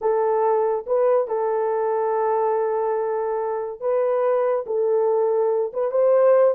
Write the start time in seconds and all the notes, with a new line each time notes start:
0.01 A4
0.86 B4
1.27 A4
3.80 B4
4.66 A4
5.73 B4
5.91 C5